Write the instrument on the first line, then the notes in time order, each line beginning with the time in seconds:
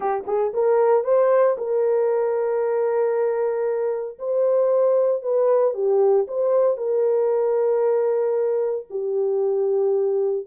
horn
0.00 G4
0.26 G#4
0.53 A#4
1.04 C5
1.57 A#4
4.18 C5
5.22 B4
5.74 G4
6.27 C5
6.77 A#4
8.90 G4